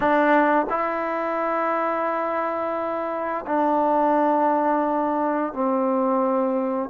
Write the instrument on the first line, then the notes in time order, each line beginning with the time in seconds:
trombone
0.00 D4
0.69 E4
3.46 D4
5.53 C4